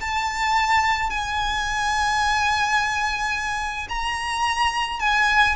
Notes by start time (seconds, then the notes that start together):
0.00 A5
1.10 G#5
3.89 A#5
4.99 G#5